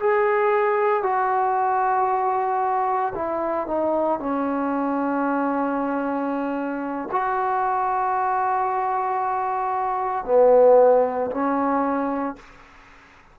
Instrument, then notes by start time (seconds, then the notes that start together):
trombone
0.00 G#4
1.03 F#4
3.15 E4
3.68 D#4
4.20 C#4
7.12 F#4
10.25 B3
11.31 C#4